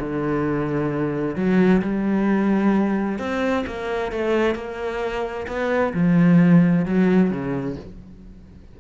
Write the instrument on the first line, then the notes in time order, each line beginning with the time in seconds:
cello
0.00 D3
1.36 F#3
1.82 G3
3.19 C4
3.67 A#3
4.12 A3
4.56 A#3
5.48 B3
5.94 F3
6.86 F#3
7.31 C#3